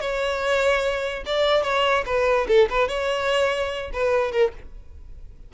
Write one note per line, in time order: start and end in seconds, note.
0.00 1.23 C#5
1.25 1.63 D5
1.63 2.04 C#5
2.05 2.47 B4
2.48 2.68 A4
2.70 2.88 B4
2.88 3.90 C#5
3.93 4.32 B4
4.32 4.52 A#4